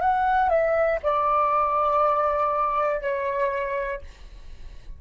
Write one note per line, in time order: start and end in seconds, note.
0.00 0.49 F#5
0.49 0.99 E5
1.03 3.00 D5
3.00 4.00 C#5